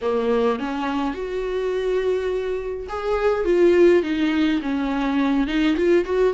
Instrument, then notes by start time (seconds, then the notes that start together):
viola
0.01 A#3
0.59 C#4
1.14 F#4
2.88 G#4
3.45 F4
4.03 D#4
4.62 C#4
5.47 D#4
5.76 F4
6.04 F#4